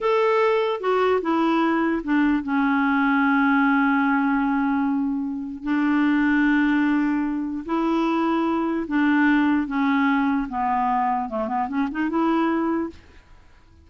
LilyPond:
\new Staff \with { instrumentName = "clarinet" } { \time 4/4 \tempo 4 = 149 a'2 fis'4 e'4~ | e'4 d'4 cis'2~ | cis'1~ | cis'2 d'2~ |
d'2. e'4~ | e'2 d'2 | cis'2 b2 | a8 b8 cis'8 dis'8 e'2 | }